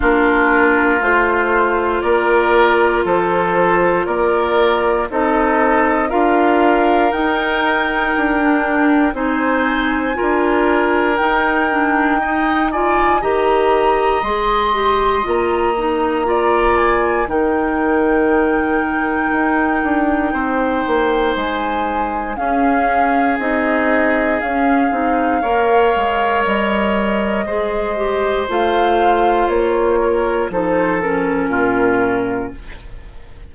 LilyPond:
<<
  \new Staff \with { instrumentName = "flute" } { \time 4/4 \tempo 4 = 59 ais'4 c''4 d''4 c''4 | d''4 dis''4 f''4 g''4~ | g''4 gis''2 g''4~ | g''8 gis''8 ais''4 c'''4 ais''4~ |
ais''8 gis''8 g''2.~ | g''4 gis''4 f''4 dis''4 | f''2 dis''2 | f''4 cis''4 c''8 ais'4. | }
  \new Staff \with { instrumentName = "oboe" } { \time 4/4 f'2 ais'4 a'4 | ais'4 a'4 ais'2~ | ais'4 c''4 ais'2 | dis''8 d''8 dis''2. |
d''4 ais'2. | c''2 gis'2~ | gis'4 cis''2 c''4~ | c''4. ais'8 a'4 f'4 | }
  \new Staff \with { instrumentName = "clarinet" } { \time 4/4 d'4 f'2.~ | f'4 dis'4 f'4 dis'4~ | dis'16 d'8. dis'4 f'4 dis'8 d'8 | dis'8 f'8 g'4 gis'8 g'8 f'8 dis'8 |
f'4 dis'2.~ | dis'2 cis'4 dis'4 | cis'8 dis'8 ais'2 gis'8 g'8 | f'2 dis'8 cis'4. | }
  \new Staff \with { instrumentName = "bassoon" } { \time 4/4 ais4 a4 ais4 f4 | ais4 c'4 d'4 dis'4 | d'4 c'4 d'4 dis'4~ | dis'4 dis4 gis4 ais4~ |
ais4 dis2 dis'8 d'8 | c'8 ais8 gis4 cis'4 c'4 | cis'8 c'8 ais8 gis8 g4 gis4 | a4 ais4 f4 ais,4 | }
>>